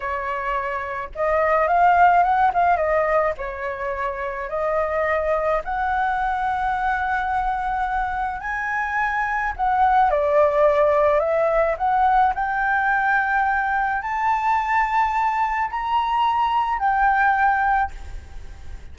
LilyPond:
\new Staff \with { instrumentName = "flute" } { \time 4/4 \tempo 4 = 107 cis''2 dis''4 f''4 | fis''8 f''8 dis''4 cis''2 | dis''2 fis''2~ | fis''2. gis''4~ |
gis''4 fis''4 d''2 | e''4 fis''4 g''2~ | g''4 a''2. | ais''2 g''2 | }